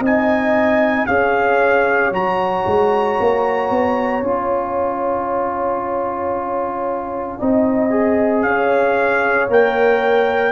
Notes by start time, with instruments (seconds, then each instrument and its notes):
0.00 tuba C4, trombone D#4, horn D#5, trumpet G#5
1.06 tuba C#4, trombone G#4, horn C#5, trumpet F5
2.11 tuba F#3, trombone F#4, trumpet A#5
2.66 tuba G#3
3.20 tuba A#3
3.70 tuba B3
4.22 tuba C#4, trombone F4, trumpet G#5
7.39 tuba C4, trombone D#4, horn D#5
7.90 trombone G#4
8.42 tuba C#4, horn C#5, trumpet F5
9.49 tuba A#3, trombone A#4, trumpet G5